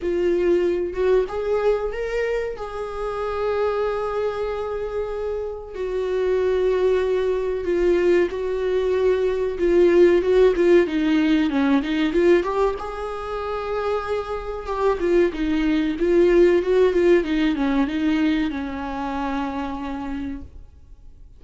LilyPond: \new Staff \with { instrumentName = "viola" } { \time 4/4 \tempo 4 = 94 f'4. fis'8 gis'4 ais'4 | gis'1~ | gis'4 fis'2. | f'4 fis'2 f'4 |
fis'8 f'8 dis'4 cis'8 dis'8 f'8 g'8 | gis'2. g'8 f'8 | dis'4 f'4 fis'8 f'8 dis'8 cis'8 | dis'4 cis'2. | }